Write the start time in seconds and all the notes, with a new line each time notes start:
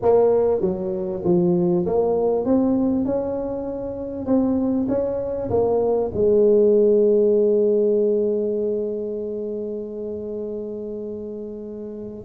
0.02 A#3
0.61 F#3
1.24 F3
1.86 A#3
2.45 C4
3.05 C#4
4.26 C4
4.88 C#4
5.50 A#3
6.14 G#3